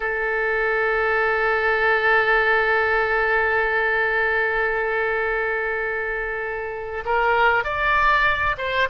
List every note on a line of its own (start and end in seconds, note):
0.00 7.04 A4
7.05 7.64 A#4
7.64 8.55 D5
8.57 8.88 C5